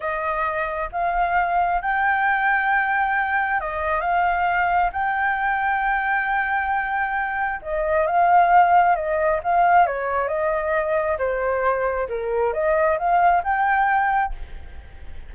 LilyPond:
\new Staff \with { instrumentName = "flute" } { \time 4/4 \tempo 4 = 134 dis''2 f''2 | g''1 | dis''4 f''2 g''4~ | g''1~ |
g''4 dis''4 f''2 | dis''4 f''4 cis''4 dis''4~ | dis''4 c''2 ais'4 | dis''4 f''4 g''2 | }